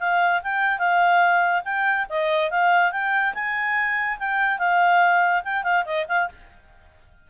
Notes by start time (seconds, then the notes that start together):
0.00 F5
0.43 G5
0.79 F5
1.65 G5
2.10 D#5
2.51 F5
2.92 G5
3.34 G#5
4.19 G5
4.59 F5
5.44 G5
5.64 F5
5.86 D#5
6.08 F5